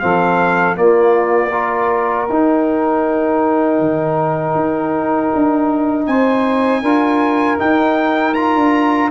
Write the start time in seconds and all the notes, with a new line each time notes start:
0.00 F3 C4 A4 F5
0.75 A#3 F4 D5
1.50 F4 A#4
2.29 D#4 G5
3.79 D#3
4.55 D#4
5.35 D4
6.07 C4 C5 G#5
6.81 D4 F4 A#4
7.58 D#4 G5
8.34 F4 A#5
8.56 D4